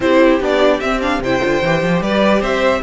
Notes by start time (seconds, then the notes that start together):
0.00 C4 E4 G4 C5
0.39 B3 D4 D5
0.80 C4 E5
1.01 D4 F5
1.19 C3 E4 C5 G5
1.41 D3 F4
1.63 E3 G4
1.82 F3
2.01 G3 B4 D5
2.40 C4 C5 E5